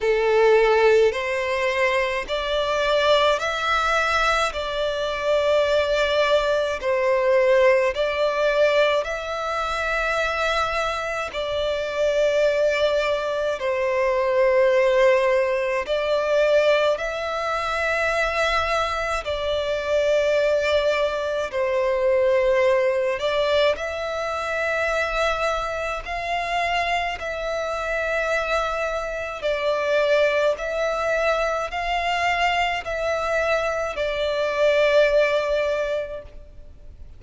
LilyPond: \new Staff \with { instrumentName = "violin" } { \time 4/4 \tempo 4 = 53 a'4 c''4 d''4 e''4 | d''2 c''4 d''4 | e''2 d''2 | c''2 d''4 e''4~ |
e''4 d''2 c''4~ | c''8 d''8 e''2 f''4 | e''2 d''4 e''4 | f''4 e''4 d''2 | }